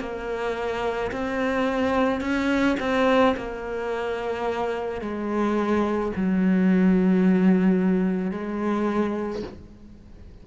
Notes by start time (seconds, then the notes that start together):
0.00 A#3
1.12 C4
2.21 C#4
2.80 C4
3.37 A#3
5.01 G#3
6.16 F#3
8.31 G#3